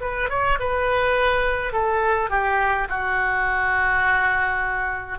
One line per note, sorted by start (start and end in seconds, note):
0.00 0.29 B4
0.29 0.58 C#5
0.59 1.73 B4
1.73 2.30 A4
2.30 2.87 G4
2.89 5.18 F#4